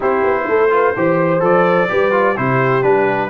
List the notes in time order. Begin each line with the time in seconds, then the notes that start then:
0.00 C4 E4 G4 C5
0.23 B3
0.47 A3 A4
0.70 F4 B4
0.96 E3 G4 C5
1.40 F3 A4 D5
1.88 G3 G4 B4
2.11 F4
2.35 C3 E4 G4 C5
2.82 G3 D4 B4